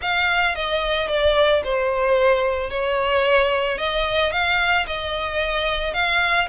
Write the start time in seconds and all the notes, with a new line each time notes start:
0.01 F5
0.55 D#5
1.08 D5
1.64 C5
2.70 C#5
3.78 D#5
4.31 F5
4.86 D#5
5.93 F5